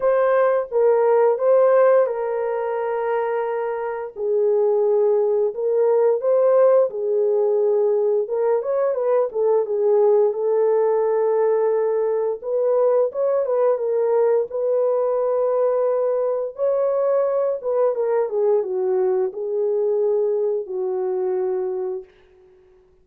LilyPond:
\new Staff \with { instrumentName = "horn" } { \time 4/4 \tempo 4 = 87 c''4 ais'4 c''4 ais'4~ | ais'2 gis'2 | ais'4 c''4 gis'2 | ais'8 cis''8 b'8 a'8 gis'4 a'4~ |
a'2 b'4 cis''8 b'8 | ais'4 b'2. | cis''4. b'8 ais'8 gis'8 fis'4 | gis'2 fis'2 | }